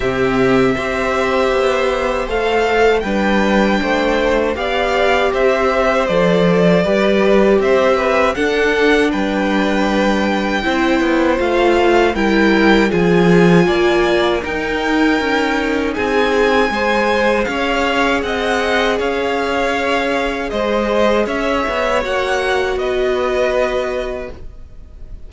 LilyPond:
<<
  \new Staff \with { instrumentName = "violin" } { \time 4/4 \tempo 4 = 79 e''2. f''4 | g''2 f''4 e''4 | d''2 e''4 fis''4 | g''2. f''4 |
g''4 gis''2 g''4~ | g''4 gis''2 f''4 | fis''4 f''2 dis''4 | e''4 fis''4 dis''2 | }
  \new Staff \with { instrumentName = "violin" } { \time 4/4 g'4 c''2. | b'4 c''4 d''4 c''4~ | c''4 b'4 c''8 b'8 a'4 | b'2 c''2 |
ais'4 gis'4 d''4 ais'4~ | ais'4 gis'4 c''4 cis''4 | dis''4 cis''2 c''4 | cis''2 b'2 | }
  \new Staff \with { instrumentName = "viola" } { \time 4/4 c'4 g'2 a'4 | d'2 g'2 | a'4 g'2 d'4~ | d'2 e'4 f'4 |
e'4 f'2 dis'4~ | dis'2 gis'2~ | gis'1~ | gis'4 fis'2. | }
  \new Staff \with { instrumentName = "cello" } { \time 4/4 c4 c'4 b4 a4 | g4 a4 b4 c'4 | f4 g4 c'4 d'4 | g2 c'8 b8 a4 |
g4 f4 ais4 dis'4 | cis'4 c'4 gis4 cis'4 | c'4 cis'2 gis4 | cis'8 b8 ais4 b2 | }
>>